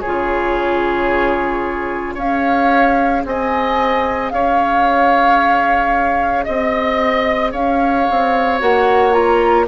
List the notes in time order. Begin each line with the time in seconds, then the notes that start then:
0.00 F4 G#4 C#5
0.07 C#3
2.14 C#4 G#4 C#5 F5
3.25 C4 D#5 G#5
4.29 C#4 C#5 F5
6.44 C4 D#5
7.52 C#4 C#5 F5
8.10 C4
8.59 A#3 F#4 F#5
9.12 F4 A#5